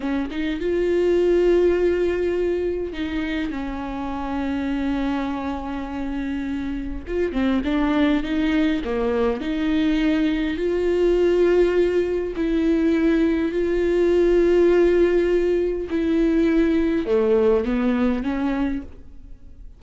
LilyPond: \new Staff \with { instrumentName = "viola" } { \time 4/4 \tempo 4 = 102 cis'8 dis'8 f'2.~ | f'4 dis'4 cis'2~ | cis'1 | f'8 c'8 d'4 dis'4 ais4 |
dis'2 f'2~ | f'4 e'2 f'4~ | f'2. e'4~ | e'4 a4 b4 cis'4 | }